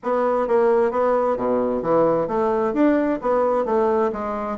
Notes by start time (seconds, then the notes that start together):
0.03 B3
0.47 A#3
0.91 B3
1.37 B2
1.82 E3
2.27 A3
2.73 D4
3.21 B3
3.65 A3
4.12 G#3